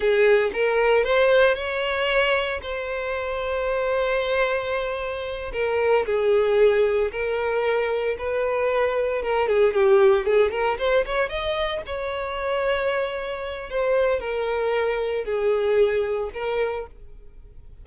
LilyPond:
\new Staff \with { instrumentName = "violin" } { \time 4/4 \tempo 4 = 114 gis'4 ais'4 c''4 cis''4~ | cis''4 c''2.~ | c''2~ c''8 ais'4 gis'8~ | gis'4. ais'2 b'8~ |
b'4. ais'8 gis'8 g'4 gis'8 | ais'8 c''8 cis''8 dis''4 cis''4.~ | cis''2 c''4 ais'4~ | ais'4 gis'2 ais'4 | }